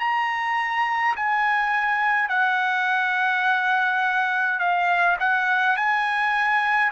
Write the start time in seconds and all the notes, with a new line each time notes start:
0.00 A#5
1.16 G#5
2.29 F#5
4.59 F5
5.20 F#5
5.76 G#5